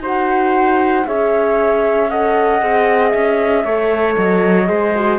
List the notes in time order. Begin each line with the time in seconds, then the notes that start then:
0.00 D#4 F#4 C5 F#5
1.06 C#4 G#4 C#5 E5
2.09 A4 D#5 F#5
2.61 C4 G#4
3.09 C#4 E5
3.64 A3 A4 C#5
4.16 F#3 D#5
4.66 G#3 G#4 C5
4.95 F#4